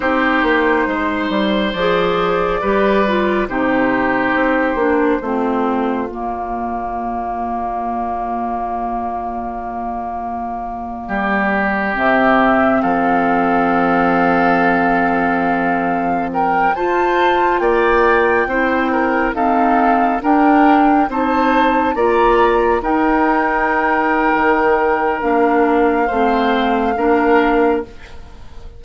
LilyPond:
<<
  \new Staff \with { instrumentName = "flute" } { \time 4/4 \tempo 4 = 69 c''2 d''2 | c''2. d''4~ | d''1~ | d''4.~ d''16 e''4 f''4~ f''16~ |
f''2~ f''8. g''8 a''8.~ | a''16 g''2 f''4 g''8.~ | g''16 a''4 ais''4 g''4.~ g''16~ | g''4 f''2. | }
  \new Staff \with { instrumentName = "oboe" } { \time 4/4 g'4 c''2 b'4 | g'2 f'2~ | f'1~ | f'8. g'2 a'4~ a'16~ |
a'2~ a'8. ais'8 c''8.~ | c''16 d''4 c''8 ais'8 a'4 ais'8.~ | ais'16 c''4 d''4 ais'4.~ ais'16~ | ais'2 c''4 ais'4 | }
  \new Staff \with { instrumentName = "clarinet" } { \time 4/4 dis'2 gis'4 g'8 f'8 | dis'4. d'8 c'4 ais4~ | ais1~ | ais4.~ ais16 c'2~ c'16~ |
c'2.~ c'16 f'8.~ | f'4~ f'16 e'4 c'4 d'8.~ | d'16 dis'4 f'4 dis'4.~ dis'16~ | dis'4 d'4 c'4 d'4 | }
  \new Staff \with { instrumentName = "bassoon" } { \time 4/4 c'8 ais8 gis8 g8 f4 g4 | c4 c'8 ais8 a4 ais4~ | ais1~ | ais8. g4 c4 f4~ f16~ |
f2.~ f16 f'8.~ | f'16 ais4 c'4 dis'4 d'8.~ | d'16 c'4 ais4 dis'4.~ dis'16 | dis4 ais4 a4 ais4 | }
>>